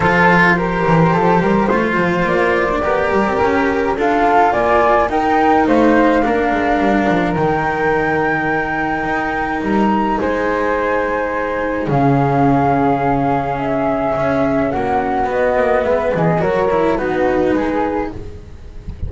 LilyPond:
<<
  \new Staff \with { instrumentName = "flute" } { \time 4/4 \tempo 4 = 106 c''1 | d''2 ais'4 f''4 | gis''4 g''4 f''2~ | f''4 g''2.~ |
g''4 ais''4 gis''2~ | gis''4 f''2. | e''2 fis''4 dis''4 | e''8 dis''8 cis''4 b'2 | }
  \new Staff \with { instrumentName = "flute" } { \time 4/4 a'4 ais'4 a'8 ais'8 c''4~ | c''4 ais'2 a'4 | d''4 ais'4 c''4 ais'4~ | ais'1~ |
ais'2 c''2~ | c''4 gis'2.~ | gis'2 fis'2 | b'8 gis'8 ais'4 fis'4 gis'4 | }
  \new Staff \with { instrumentName = "cello" } { \time 4/4 f'4 g'2 f'4~ | f'8. d'16 g'2 f'4~ | f'4 dis'2 d'4~ | d'4 dis'2.~ |
dis'1~ | dis'4 cis'2.~ | cis'2. b4~ | b4 fis'8 e'8 dis'2 | }
  \new Staff \with { instrumentName = "double bass" } { \time 4/4 f4. e8 f8 g8 a8 f8 | ais4 b8 g16 c'16 cis'4 d'4 | ais4 dis'4 a4 ais8 gis8 | g8 f8 dis2. |
dis'4 g4 gis2~ | gis4 cis2.~ | cis4 cis'4 ais4 b8 ais8 | gis8 e8 fis4 b4 gis4 | }
>>